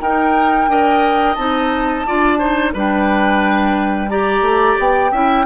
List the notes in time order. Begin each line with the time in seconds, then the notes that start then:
0.00 D#4 A#4 G5
0.68 D4 A#4 D#5
1.35 C4 D#4 A5
2.06 D4 F4 D5
2.38 D#4 C5
2.73 G3 D4 B4 G5
4.09 G4 D5 A#5
4.41 A3
4.78 B3 G5
5.11 C#4 E4 E5